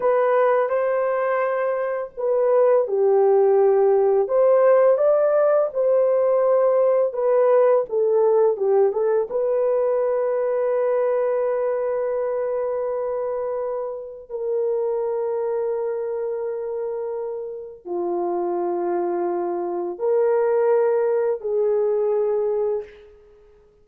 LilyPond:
\new Staff \with { instrumentName = "horn" } { \time 4/4 \tempo 4 = 84 b'4 c''2 b'4 | g'2 c''4 d''4 | c''2 b'4 a'4 | g'8 a'8 b'2.~ |
b'1 | ais'1~ | ais'4 f'2. | ais'2 gis'2 | }